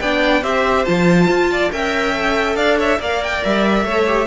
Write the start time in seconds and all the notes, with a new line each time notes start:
0.00 B3 D4 D5 G5
0.42 C4 G4 C5 E5
0.85 F3 F4 A5
1.28 F4
1.51 D5
1.72 C#4 A#4 E5 G5
2.14 A4
2.55 D4 D5 F5
2.77 C#5 E5
2.99 A#3 A#4 D5 F5
3.23 G5
3.44 G3 E5
3.84 A3 C#5
3.90 A4
4.06 G4